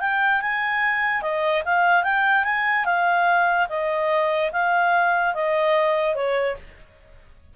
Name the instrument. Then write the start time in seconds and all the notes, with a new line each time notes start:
clarinet
0.00 G5
0.41 G#5
1.22 D#5
1.65 F5
2.03 G5
2.44 G#5
2.85 F5
3.69 D#5
4.52 F5
5.34 D#5
6.15 C#5